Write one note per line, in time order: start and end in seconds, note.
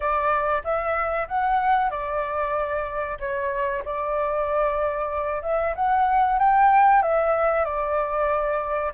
0.00 0.62 D5
0.64 1.27 E5
1.28 1.90 F#5
1.90 3.18 D5
3.19 3.83 C#5
3.84 5.42 D5
5.42 5.74 E5
5.75 6.39 F#5
6.39 7.02 G5
7.02 7.64 E5
7.64 8.92 D5